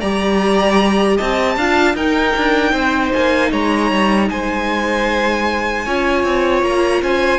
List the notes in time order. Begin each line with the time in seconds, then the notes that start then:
0.00 G3 G4 D5 A#5
1.17 C4 D#5 A5
1.56 D4 F4 F5
1.94 D#4 A#4 G5
2.37 D4
2.72 C4 C5
3.13 A#3 G#5
3.50 G#3 C#5 A#5
3.91 G3
4.29 G#3 C5 G#5
5.85 C#4 F4 C#5
6.24 C4
6.63 A#3 A#5
7.02 C#4 C5 G#5